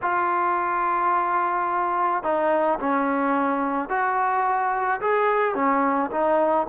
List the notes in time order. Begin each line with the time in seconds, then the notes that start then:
0.02 F4
2.23 D#4
2.79 C#4
3.89 F#4
5.00 G#4
5.54 C#4
6.11 D#4